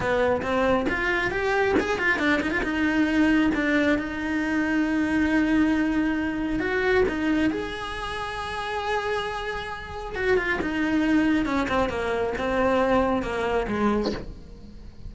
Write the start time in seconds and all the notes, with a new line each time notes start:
0.00 B3
0.42 C4
0.89 F4
1.30 G4
1.79 G#4
1.98 F4
2.18 D4
2.41 D#4
2.51 F4
2.62 D#4
3.54 D4
3.98 D#4
6.59 F#4
7.08 D#4
7.50 G#4
10.15 F#4
10.37 F4
10.61 D#4
11.45 C#4
11.68 C4
11.89 A#3
12.37 C4
13.22 A#3
13.67 G#3